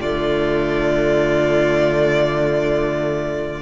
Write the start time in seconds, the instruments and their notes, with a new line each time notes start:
0.00 cello D3, viola A3, violin F4 D5